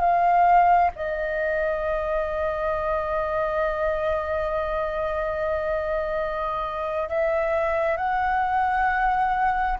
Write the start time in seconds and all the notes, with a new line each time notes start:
0.00 F5
0.95 D#5
7.09 E5
7.97 F#5